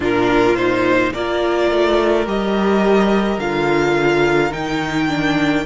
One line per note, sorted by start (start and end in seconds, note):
0.00 1.10 A#2
0.00 0.54 D4
0.00 1.12 F4
0.00 0.56 A#4
0.56 1.13 D#4
0.56 1.12 C5
1.13 1.71 A#3
1.13 2.25 F4
1.13 5.65 A#4
1.13 2.26 D5
1.71 2.26 A3
2.25 3.38 G3
2.25 3.39 G4
2.25 3.39 D#5
3.38 4.51 D3
3.38 4.50 F4
3.38 4.53 F5
4.50 5.65 D#3
4.50 5.07 D#4
4.50 5.65 G5
5.08 5.64 D4